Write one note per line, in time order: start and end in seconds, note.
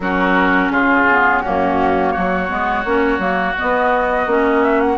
0.00 0.70 F#3
0.00 1.09 C#4
0.00 0.72 F#4
0.00 0.71 A#4
0.70 1.41 C#3
0.70 1.42 F4
0.70 1.40 G#4
1.09 1.44 B3
1.40 2.16 F#2
1.40 2.48 A#3
1.40 2.13 C#4
1.40 2.11 F#4
2.11 2.50 F#3
2.11 4.97 F#4
2.11 3.54 C#5
2.48 2.84 G#3
2.48 2.84 B3
2.84 3.18 A#3
2.84 3.19 C#4
3.18 3.54 F#3
3.18 3.55 A#3
3.58 4.27 B3
3.58 4.26 B3
3.58 4.63 D#5
4.26 4.97 A#3
4.26 4.97 C#4
4.63 4.80 E5
4.80 4.97 F#5